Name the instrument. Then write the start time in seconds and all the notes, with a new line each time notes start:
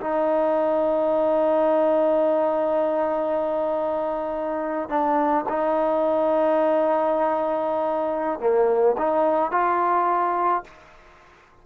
trombone
0.00 D#4
4.89 D4
5.48 D#4
8.39 A#3
8.97 D#4
9.51 F4